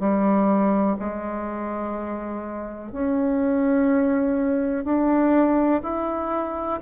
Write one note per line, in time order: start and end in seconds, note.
0.00 0.97 G3
1.00 2.93 G#3
2.93 4.85 C#4
4.85 5.82 D4
5.83 6.80 E4